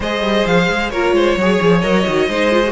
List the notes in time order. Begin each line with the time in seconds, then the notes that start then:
0.00 G#3 G#4 C5 D#5
0.20 G3
0.46 F3 F5
0.69 G#3
0.90 A#3 F4 A#4 C#5
1.12 G#3 C5
1.36 F#3 G#4 C#5
1.61 F3
1.81 F#3 A#4 D#5
2.06 D#3 F#4
2.28 G#3 D#4 C5
2.51 F4
2.66 F#4